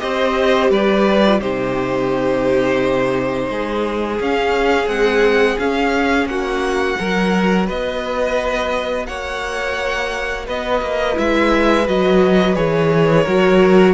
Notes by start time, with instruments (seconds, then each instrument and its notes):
0.00 cello C4, viola G4, violin C5 D#5
0.71 cello G3, violin B4 D5
1.27 viola F4
1.41 cello C3, viola D#4, violin G4 C5
3.50 cello G#3, violin G#4
4.20 cello C#4, viola C#4, violin F5
4.88 viola G#3, cello C4, violin F#5
5.59 cello C#4, viola C#4, violin F5
6.26 cello A#3, violin F#4 F#5
6.99 cello F#3, viola F#4, violin A#4
7.67 cello B3, violin B4 D#5
9.07 cello A#3, violin C#5 F#5
10.47 cello B3, violin B4 D#5
10.82 cello A#3
11.15 cello G#3, viola E4, violin E5
11.86 cello F#3, viola F#4, violin D#5
12.55 cello E3, viola G#4, violin C#5
13.24 cello F#3, viola F#4, violin A#4